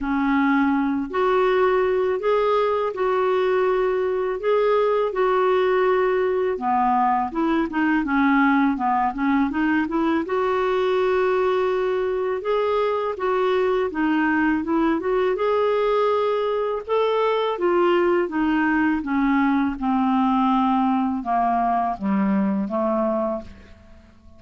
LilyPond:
\new Staff \with { instrumentName = "clarinet" } { \time 4/4 \tempo 4 = 82 cis'4. fis'4. gis'4 | fis'2 gis'4 fis'4~ | fis'4 b4 e'8 dis'8 cis'4 | b8 cis'8 dis'8 e'8 fis'2~ |
fis'4 gis'4 fis'4 dis'4 | e'8 fis'8 gis'2 a'4 | f'4 dis'4 cis'4 c'4~ | c'4 ais4 g4 a4 | }